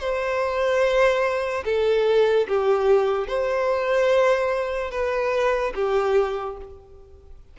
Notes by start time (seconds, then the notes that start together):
0.00 C5
1.65 A4
2.48 G4
3.28 C5
4.91 B4
5.75 G4